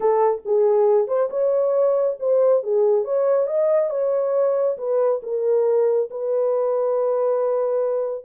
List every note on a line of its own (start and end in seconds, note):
0.00 0.42 A4
0.45 1.07 G#4
1.07 1.29 C5
1.30 2.17 C#5
2.19 2.63 C5
2.63 3.04 G#4
3.04 3.46 C#5
3.46 3.90 D#5
3.90 4.77 C#5
4.77 5.21 B4
5.22 6.09 A#4
6.10 8.25 B4